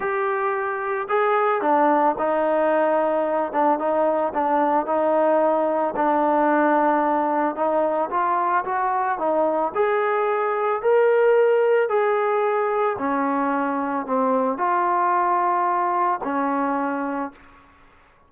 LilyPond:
\new Staff \with { instrumentName = "trombone" } { \time 4/4 \tempo 4 = 111 g'2 gis'4 d'4 | dis'2~ dis'8 d'8 dis'4 | d'4 dis'2 d'4~ | d'2 dis'4 f'4 |
fis'4 dis'4 gis'2 | ais'2 gis'2 | cis'2 c'4 f'4~ | f'2 cis'2 | }